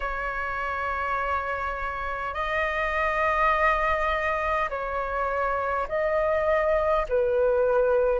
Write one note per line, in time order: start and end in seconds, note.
0.00 2.34 C#5
2.34 4.69 D#5
4.69 5.87 C#5
5.88 7.06 D#5
7.09 8.19 B4